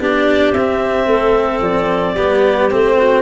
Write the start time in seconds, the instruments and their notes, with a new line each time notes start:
0.00 tuba B3, cello D4, clarinet G4 D5
0.52 tuba C4, cello C4, clarinet E5
1.06 tuba A3, clarinet A4
1.61 tuba F3, clarinet D5
2.14 tuba G3, cello B3, clarinet G4
2.70 tuba A3, cello C4, clarinet C5
2.96 clarinet F#4